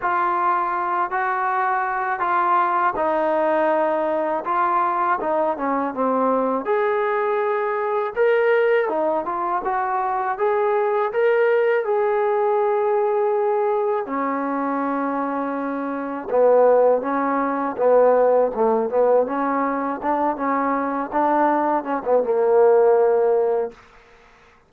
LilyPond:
\new Staff \with { instrumentName = "trombone" } { \time 4/4 \tempo 4 = 81 f'4. fis'4. f'4 | dis'2 f'4 dis'8 cis'8 | c'4 gis'2 ais'4 | dis'8 f'8 fis'4 gis'4 ais'4 |
gis'2. cis'4~ | cis'2 b4 cis'4 | b4 a8 b8 cis'4 d'8 cis'8~ | cis'8 d'4 cis'16 b16 ais2 | }